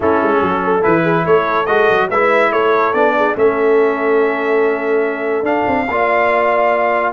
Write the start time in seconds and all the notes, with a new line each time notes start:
0.00 A3 C#4 E4 A4
0.22 G#3
0.41 F#3 F#4
0.63 A4
0.81 E3 E4 B4
1.02 G#4
1.25 A3 A4 C#5
1.66 G#3 F#4 D#5
1.89 F#3
2.10 G#3 E4 B4 E5
2.51 A3 A4 C#5
2.93 B3 D4 D5
3.16 G#4
3.35 A3 C#4 A4 E5
5.42 D4 F5
5.67 C4
5.88 A#3 F4 D5